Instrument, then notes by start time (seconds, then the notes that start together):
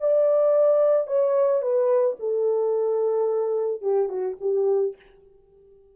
horn
0.00 D5
1.07 C#5
1.61 B4
2.19 A4
3.81 G4
4.09 F#4
4.40 G4